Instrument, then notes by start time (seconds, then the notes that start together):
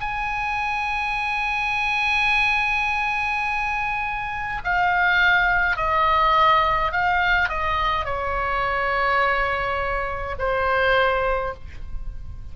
oboe
0.00 G#5
4.64 F5
5.76 D#5
6.92 F5
7.49 D#5
8.05 C#5
10.38 C5